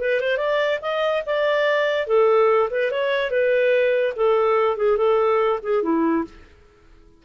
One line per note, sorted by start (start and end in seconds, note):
0.00 0.20 B4
0.20 0.37 C5
0.37 0.79 D5
0.82 1.23 D#5
1.26 2.07 D5
2.07 2.69 A4
2.70 2.91 B4
2.91 3.30 C#5
3.30 4.13 B4
4.16 4.77 A4
4.77 4.97 G#4
4.97 5.60 A4
5.63 5.83 G#4
5.83 6.24 E4